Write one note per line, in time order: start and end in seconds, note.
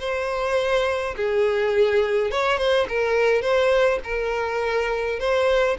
0.00 1.15 C5
1.16 2.31 G#4
2.31 2.58 C#5
2.58 2.87 C5
2.89 3.42 A#4
3.42 3.99 C5
4.04 5.19 A#4
5.19 5.77 C5